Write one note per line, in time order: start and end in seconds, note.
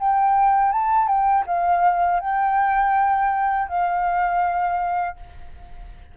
0.00 0.72 G5
0.72 1.08 A5
1.08 1.45 G5
1.47 2.21 F5
2.21 3.69 G5
3.69 5.17 F5